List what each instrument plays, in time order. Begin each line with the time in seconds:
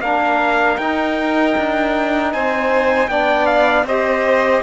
0.00 cello A#3, trombone D4, violin A#4, trumpet F5
0.78 cello D#4, trombone D#4, trumpet G5
1.58 cello D4
2.32 cello C4, violin C5, trumpet G#5
3.08 cello B3, trombone D4, violin D5, trumpet G5
3.46 trumpet F5
3.84 cello C4, trombone G4, violin C5, trumpet D#5